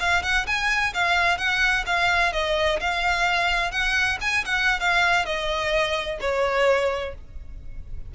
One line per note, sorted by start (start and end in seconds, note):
0.00 0.23 F5
0.23 0.46 F#5
0.47 0.94 G#5
0.94 1.38 F5
1.38 1.85 F#5
1.86 2.33 F5
2.33 2.80 D#5
2.81 3.72 F5
3.72 4.18 F#5
4.21 4.45 G#5
4.45 4.80 F#5
4.80 5.26 F5
5.26 6.19 D#5
6.21 7.15 C#5